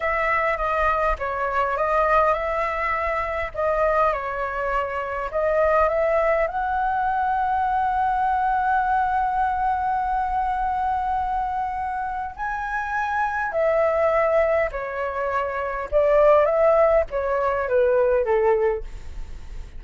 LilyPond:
\new Staff \with { instrumentName = "flute" } { \time 4/4 \tempo 4 = 102 e''4 dis''4 cis''4 dis''4 | e''2 dis''4 cis''4~ | cis''4 dis''4 e''4 fis''4~ | fis''1~ |
fis''1~ | fis''4 gis''2 e''4~ | e''4 cis''2 d''4 | e''4 cis''4 b'4 a'4 | }